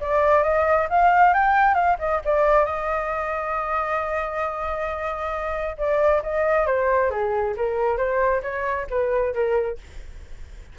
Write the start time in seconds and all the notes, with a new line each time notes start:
0.00 D5
0.43 D#5
0.89 F5
1.33 G5
1.74 F5
1.99 D#5
2.24 D5
2.65 D#5
5.77 D5
6.22 D#5
6.66 C5
7.10 G#4
7.56 A#4
7.97 C5
8.42 C#5
8.90 B4
9.33 A#4